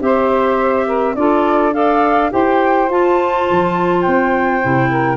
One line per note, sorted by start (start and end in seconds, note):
0.00 1.15 C4
0.00 1.15 G4
0.00 0.86 C5
0.00 1.16 E5
0.86 1.15 A#4
1.15 2.31 D4
1.15 1.73 F4
1.15 1.74 A4
1.15 1.73 D5
1.73 2.30 A4
1.73 2.32 D5
1.73 2.31 F5
2.30 2.89 E4
2.30 2.88 G4
2.30 4.90 C5
2.30 2.90 G5
2.89 3.47 F4
2.89 4.62 F4
2.89 4.02 A5
3.51 4.07 F3
4.02 4.65 C4
4.02 5.17 G5
4.62 5.17 C3
4.62 5.17 E4
4.90 5.17 A#4